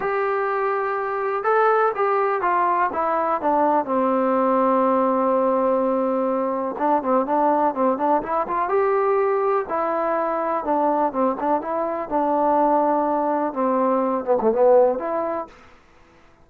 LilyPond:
\new Staff \with { instrumentName = "trombone" } { \time 4/4 \tempo 4 = 124 g'2. a'4 | g'4 f'4 e'4 d'4 | c'1~ | c'2 d'8 c'8 d'4 |
c'8 d'8 e'8 f'8 g'2 | e'2 d'4 c'8 d'8 | e'4 d'2. | c'4. b16 a16 b4 e'4 | }